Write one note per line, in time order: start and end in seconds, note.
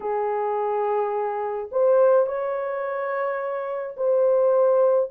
0.00 1.69 G#4
1.71 2.26 C5
2.26 3.96 C#5
3.96 5.10 C5